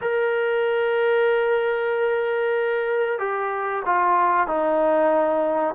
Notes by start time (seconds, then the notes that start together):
0.01 A#4
3.19 G4
3.85 F4
4.47 D#4